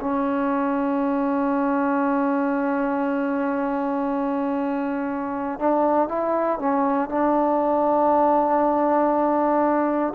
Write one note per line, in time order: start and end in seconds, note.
0.00 5.59 C#4
5.59 6.08 D4
6.08 6.59 E4
6.59 7.09 C#4
7.09 10.14 D4